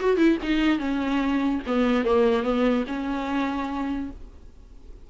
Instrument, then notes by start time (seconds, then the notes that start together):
viola
0.00 F#4
0.17 E4
0.43 D#4
0.79 C#4
1.67 B3
2.05 A#3
2.43 B3
2.87 C#4